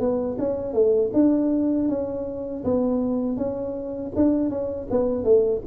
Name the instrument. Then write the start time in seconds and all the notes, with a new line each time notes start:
tuba
0.00 B3
0.39 C#4
0.74 A3
1.14 D4
1.89 C#4
2.65 B3
3.38 C#4
4.16 D4
4.50 C#4
4.91 B3
5.24 A3